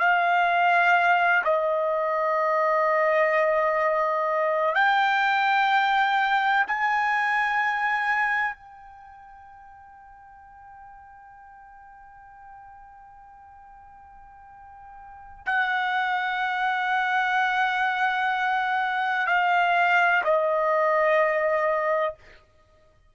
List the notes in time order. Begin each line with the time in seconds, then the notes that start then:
0.00 F5
1.45 D#5
4.75 G5
6.68 G#5
8.56 G5
15.46 F#5
19.27 F5
20.24 D#5